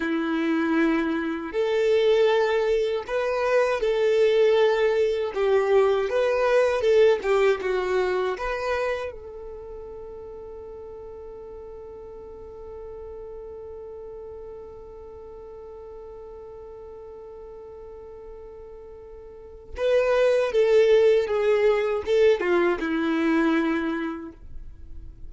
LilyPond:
\new Staff \with { instrumentName = "violin" } { \time 4/4 \tempo 4 = 79 e'2 a'2 | b'4 a'2 g'4 | b'4 a'8 g'8 fis'4 b'4 | a'1~ |
a'1~ | a'1~ | a'2 b'4 a'4 | gis'4 a'8 f'8 e'2 | }